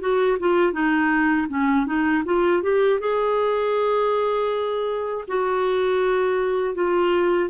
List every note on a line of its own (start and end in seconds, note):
0.00 0.38 F#4
0.40 0.72 F4
0.72 1.47 D#4
1.49 1.86 C#4
1.86 2.23 D#4
2.25 2.62 F4
2.62 3.00 G4
3.00 5.25 G#4
5.28 6.75 F#4
6.75 7.50 F4